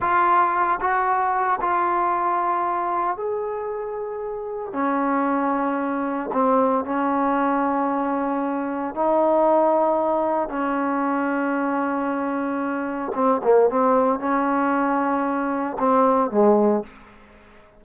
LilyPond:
\new Staff \with { instrumentName = "trombone" } { \time 4/4 \tempo 4 = 114 f'4. fis'4. f'4~ | f'2 gis'2~ | gis'4 cis'2. | c'4 cis'2.~ |
cis'4 dis'2. | cis'1~ | cis'4 c'8 ais8 c'4 cis'4~ | cis'2 c'4 gis4 | }